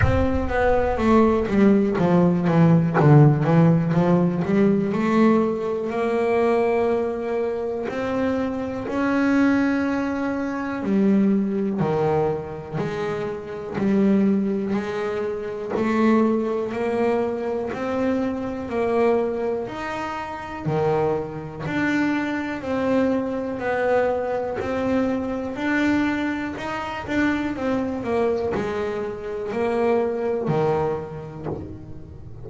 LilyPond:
\new Staff \with { instrumentName = "double bass" } { \time 4/4 \tempo 4 = 61 c'8 b8 a8 g8 f8 e8 d8 e8 | f8 g8 a4 ais2 | c'4 cis'2 g4 | dis4 gis4 g4 gis4 |
a4 ais4 c'4 ais4 | dis'4 dis4 d'4 c'4 | b4 c'4 d'4 dis'8 d'8 | c'8 ais8 gis4 ais4 dis4 | }